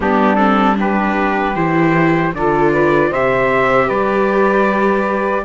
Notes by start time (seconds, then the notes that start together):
0.00 G3 B3 D4 G4
0.35 C4 A4
0.75 D4 G4 B4
1.55 E3 E4 C5
2.33 D3 F4 A4 D5
2.71 B4
3.10 C3 G4 C5 E5
3.87 G3 B4 D5